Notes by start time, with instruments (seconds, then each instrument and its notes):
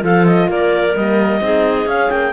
0.00 cello F3, horn F4, clarinet A4 F5
0.26 clarinet D#5
0.49 cello A#3, clarinet A#4 D5
0.96 cello G3, horn A#3, clarinet D#5
1.40 cello C4, horn D#4, clarinet G#4
1.86 cello C#4, horn C#4, clarinet F5
2.10 cello A#3, clarinet G5